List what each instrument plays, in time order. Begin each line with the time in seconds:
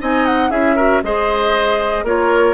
0.00 bassoon C4, clarinet D#4, oboe D#5, flute G#5
0.26 flute F#5
0.51 bassoon C#4, clarinet E4, oboe G#4, flute E5
0.76 clarinet F#4, oboe A#4
1.03 bassoon G#3, clarinet G#4, oboe C5, flute D#5
2.04 bassoon A#3, clarinet F4, oboe A#4, flute C#5